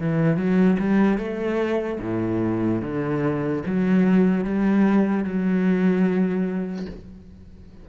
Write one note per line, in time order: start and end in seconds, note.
0.00 0.37 E3
0.37 0.77 F#3
0.79 1.18 G3
1.18 1.99 A3
2.00 2.82 A2
2.82 3.63 D3
3.66 4.44 F#3
4.44 5.24 G3
5.24 6.86 F#3